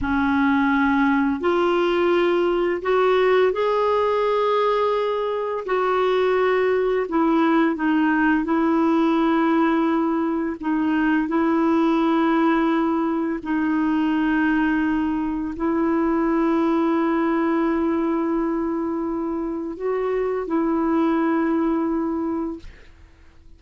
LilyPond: \new Staff \with { instrumentName = "clarinet" } { \time 4/4 \tempo 4 = 85 cis'2 f'2 | fis'4 gis'2. | fis'2 e'4 dis'4 | e'2. dis'4 |
e'2. dis'4~ | dis'2 e'2~ | e'1 | fis'4 e'2. | }